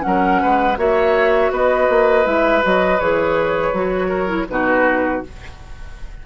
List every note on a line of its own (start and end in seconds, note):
0.00 0.42 F#3
0.00 0.74 C#4
0.00 0.76 F#5
0.07 0.42 A#4
0.42 0.77 G#3
0.42 0.78 B4
0.77 1.51 A#3
0.77 2.25 F#4
0.77 1.52 C#5
0.77 1.53 E5
1.51 1.88 B3
1.51 4.08 B4
1.51 2.26 D#5
1.89 2.25 A#3
2.25 2.62 G#3
2.25 2.62 E4
2.25 2.63 E5
2.62 3.00 F#3
2.62 2.99 F#4
2.62 3.00 D#5
3.00 3.73 E3
3.00 3.73 G#4
3.00 4.48 C#5
3.73 4.47 F#3
3.73 4.27 F#4
4.08 4.45 A#4
4.27 4.45 E4
4.49 5.23 B2
4.49 5.24 D#4
4.49 5.26 F#4
4.49 5.23 B4